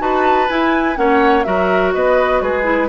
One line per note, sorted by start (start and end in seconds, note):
0.00 0.49 D#4
0.00 0.48 F#4
0.00 0.99 B4
0.00 0.49 A5
0.49 0.96 E4
0.49 0.98 E4
0.49 0.97 G#5
0.96 1.46 A#3
0.96 1.45 C#4
0.96 1.47 C#5
0.96 1.44 F#5
1.44 1.95 F#3
1.44 2.64 F#4
1.44 1.95 A#4
1.44 1.92 E5
1.93 2.42 B3
1.93 2.43 B4
1.93 2.42 D#5
2.42 2.89 G#3
2.42 2.89 G#4
2.42 2.89 B4
2.64 2.88 E4